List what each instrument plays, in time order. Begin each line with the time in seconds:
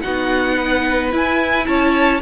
0.00 cello B3, viola D#4, violin F#4 F#5
0.56 violin B4
1.11 viola E4, cello E4, violin G#5
1.66 cello C#4, violin C#5 A5